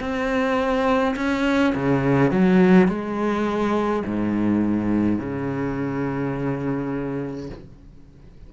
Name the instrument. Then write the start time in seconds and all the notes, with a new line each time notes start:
cello
0.00 C4
1.16 C#4
1.75 C#3
2.31 F#3
2.88 G#3
4.05 G#2
5.19 C#3